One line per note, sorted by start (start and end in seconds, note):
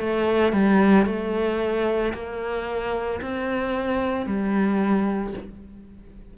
0.00 0.53 A3
0.53 1.06 G3
1.06 2.13 A3
2.14 3.21 A#3
3.22 4.27 C4
4.27 5.34 G3